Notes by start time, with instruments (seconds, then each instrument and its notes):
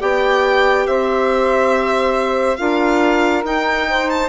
0.00 bassoon B3, clarinet G4, saxophone D5, violin G5
0.87 bassoon C4, saxophone C5, violin E5
2.57 bassoon D4, clarinet F4, saxophone A#4, violin F5
3.44 bassoon D#4, clarinet D#4, violin G5
3.89 saxophone C5
4.10 violin A5